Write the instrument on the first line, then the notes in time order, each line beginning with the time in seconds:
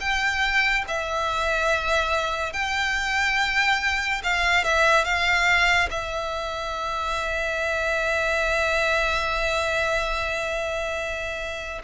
violin
0.00 G5
0.88 E5
2.53 G5
4.23 F5
4.64 E5
5.05 F5
5.90 E5